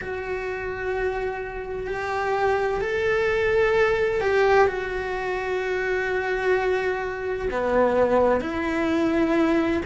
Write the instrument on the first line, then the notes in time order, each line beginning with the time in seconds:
cello
0.01 F#4
1.87 G4
2.81 A4
4.20 G4
4.67 F#4
7.50 B3
8.40 E4